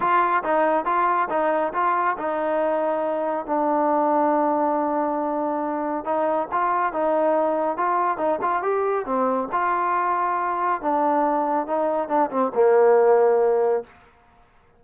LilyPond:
\new Staff \with { instrumentName = "trombone" } { \time 4/4 \tempo 4 = 139 f'4 dis'4 f'4 dis'4 | f'4 dis'2. | d'1~ | d'2 dis'4 f'4 |
dis'2 f'4 dis'8 f'8 | g'4 c'4 f'2~ | f'4 d'2 dis'4 | d'8 c'8 ais2. | }